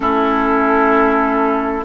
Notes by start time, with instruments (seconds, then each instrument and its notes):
0.00 bassoon A3, clarinet C#4, oboe E4, flute A4